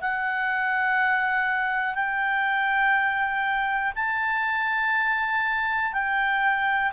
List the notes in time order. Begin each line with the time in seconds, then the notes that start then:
0.00 F#5
1.95 G5
3.95 A5
5.93 G5